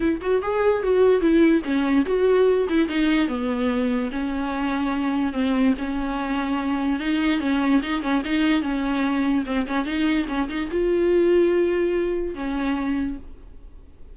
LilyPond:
\new Staff \with { instrumentName = "viola" } { \time 4/4 \tempo 4 = 146 e'8 fis'8 gis'4 fis'4 e'4 | cis'4 fis'4. e'8 dis'4 | b2 cis'2~ | cis'4 c'4 cis'2~ |
cis'4 dis'4 cis'4 dis'8 cis'8 | dis'4 cis'2 c'8 cis'8 | dis'4 cis'8 dis'8 f'2~ | f'2 cis'2 | }